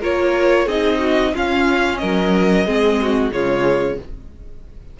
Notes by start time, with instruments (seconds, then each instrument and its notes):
0.00 cello A#3, viola F4, violin A#4 C#5
0.65 cello C4, viola D#4, violin G#4 D#5
0.99 violin F#4
1.34 viola C#4, cello C#4, violin F4 F5
1.98 cello F#3, violin A#4 D#5
2.66 cello G#3, viola C4, violin G#4
3.01 violin F#4
3.31 cello C#3, viola G#3, violin F4 C#5